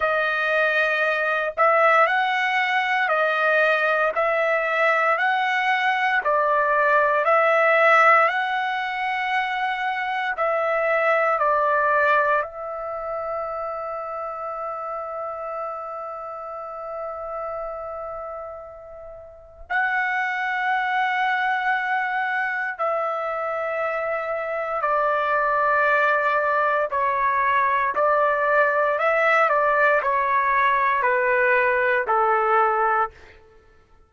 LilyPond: \new Staff \with { instrumentName = "trumpet" } { \time 4/4 \tempo 4 = 58 dis''4. e''8 fis''4 dis''4 | e''4 fis''4 d''4 e''4 | fis''2 e''4 d''4 | e''1~ |
e''2. fis''4~ | fis''2 e''2 | d''2 cis''4 d''4 | e''8 d''8 cis''4 b'4 a'4 | }